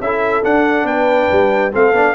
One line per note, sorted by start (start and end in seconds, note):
0.00 0.43 C#4
0.00 0.43 E4
0.00 0.87 A4
0.00 0.44 E5
0.43 1.72 D4
0.43 0.85 D4
0.43 0.87 F#5
0.85 1.28 B3
0.85 1.73 B4
0.85 1.72 G5
1.32 1.75 G3
1.73 1.93 A3
1.73 1.94 C4
1.73 2.15 A4
1.73 2.15 F5
1.93 2.15 B3
1.93 2.15 D4